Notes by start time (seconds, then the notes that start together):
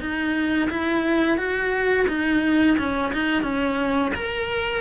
0.00 D#4
0.70 E4
1.38 F#4
2.08 D#4
2.78 C#4
3.13 D#4
3.43 C#4
4.15 A#4